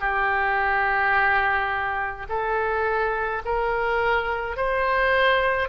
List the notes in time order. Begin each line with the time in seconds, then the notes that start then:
0.00 G4
2.29 A4
3.45 A#4
4.56 C5